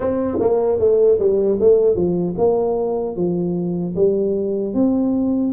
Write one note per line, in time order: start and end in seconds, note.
0.00 0.37 C4
0.39 0.79 A#3
0.79 1.18 A3
1.19 1.58 G3
1.60 1.95 A3
1.95 2.35 F3
2.37 3.15 A#3
3.15 3.94 F3
3.95 4.74 G3
4.74 5.53 C4